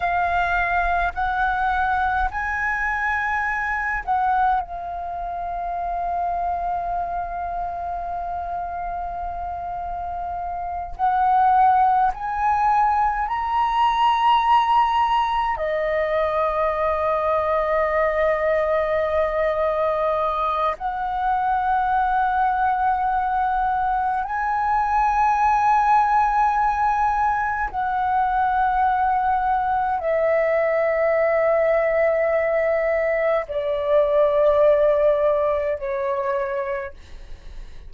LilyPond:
\new Staff \with { instrumentName = "flute" } { \time 4/4 \tempo 4 = 52 f''4 fis''4 gis''4. fis''8 | f''1~ | f''4. fis''4 gis''4 ais''8~ | ais''4. dis''2~ dis''8~ |
dis''2 fis''2~ | fis''4 gis''2. | fis''2 e''2~ | e''4 d''2 cis''4 | }